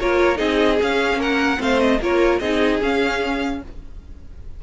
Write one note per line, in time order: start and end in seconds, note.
0.00 0.40 A#3
0.00 0.36 F4
0.00 0.38 A#4
0.00 0.38 C#5
0.36 0.80 C4
0.36 0.76 D#4
0.36 1.19 G#4
0.36 0.78 D#5
0.82 1.57 C#4
0.82 1.17 C#4
0.82 1.22 F5
1.17 1.57 A#3
1.17 1.59 A#4
1.17 1.62 F#5
1.57 2.00 A3
1.57 1.98 C4
1.57 2.01 C5
1.57 1.80 F5
1.80 2.00 D#5
2.00 2.40 A#3
2.00 2.42 F4
2.00 2.40 A#4
2.00 2.40 C#5
2.40 2.81 C4
2.40 2.82 D#4
2.40 3.61 G#4
2.40 2.80 D#5
2.82 3.62 C#4
2.82 3.63 F5